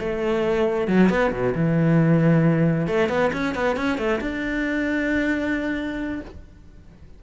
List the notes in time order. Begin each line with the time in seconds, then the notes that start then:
0.00 A3
0.88 F#3
1.10 B3
1.32 B2
1.55 E3
2.88 A3
3.09 B3
3.33 C#4
3.55 B3
3.77 C#4
3.98 A3
4.21 D4